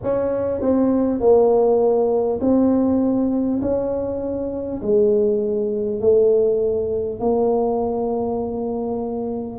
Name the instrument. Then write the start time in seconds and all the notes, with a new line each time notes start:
tuba
0.02 C#4
0.61 C4
1.19 A#3
2.40 C4
3.61 C#4
4.82 G#3
6.00 A3
7.19 A#3